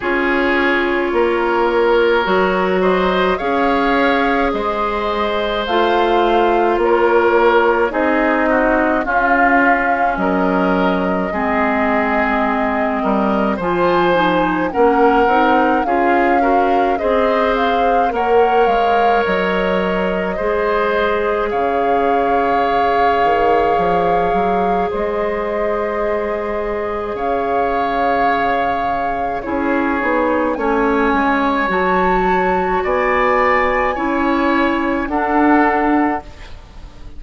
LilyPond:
<<
  \new Staff \with { instrumentName = "flute" } { \time 4/4 \tempo 4 = 53 cis''2~ cis''8 dis''8 f''4 | dis''4 f''4 cis''4 dis''4 | f''4 dis''2. | gis''4 fis''4 f''4 dis''8 f''8 |
fis''8 f''8 dis''2 f''4~ | f''2 dis''2 | f''2 cis''4 gis''4 | a''4 gis''2 fis''4 | }
  \new Staff \with { instrumentName = "oboe" } { \time 4/4 gis'4 ais'4. c''8 cis''4 | c''2 ais'4 gis'8 fis'8 | f'4 ais'4 gis'4. ais'8 | c''4 ais'4 gis'8 ais'8 c''4 |
cis''2 c''4 cis''4~ | cis''2 c''2 | cis''2 gis'4 cis''4~ | cis''4 d''4 cis''4 a'4 | }
  \new Staff \with { instrumentName = "clarinet" } { \time 4/4 f'2 fis'4 gis'4~ | gis'4 f'2 dis'4 | cis'2 c'2 | f'8 dis'8 cis'8 dis'8 f'8 fis'8 gis'4 |
ais'2 gis'2~ | gis'1~ | gis'2 e'8 dis'8 cis'4 | fis'2 e'4 d'4 | }
  \new Staff \with { instrumentName = "bassoon" } { \time 4/4 cis'4 ais4 fis4 cis'4 | gis4 a4 ais4 c'4 | cis'4 fis4 gis4. g8 | f4 ais8 c'8 cis'4 c'4 |
ais8 gis8 fis4 gis4 cis4~ | cis8 dis8 f8 fis8 gis2 | cis2 cis'8 b8 a8 gis8 | fis4 b4 cis'4 d'4 | }
>>